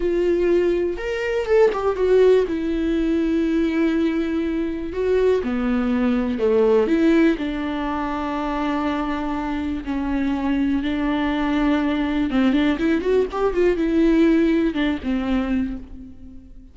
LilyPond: \new Staff \with { instrumentName = "viola" } { \time 4/4 \tempo 4 = 122 f'2 ais'4 a'8 g'8 | fis'4 e'2.~ | e'2 fis'4 b4~ | b4 a4 e'4 d'4~ |
d'1 | cis'2 d'2~ | d'4 c'8 d'8 e'8 fis'8 g'8 f'8 | e'2 d'8 c'4. | }